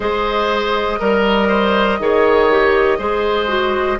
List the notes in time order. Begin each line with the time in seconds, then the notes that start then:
0.00 G#3 G#4 C5 D#5
0.99 G3 A#4
1.48 C5
1.99 D#3 G#4 C#5
2.50 G4
2.98 G#3 G#4 C5
3.47 F#4